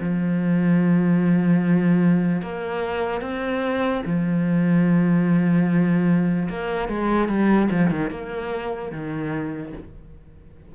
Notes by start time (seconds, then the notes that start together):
0.00 F3
2.42 A#3
3.21 C4
4.05 F3
6.49 A#3
6.88 G#3
7.28 G3
7.71 F3
7.91 D#3
8.10 A#3
8.92 D#3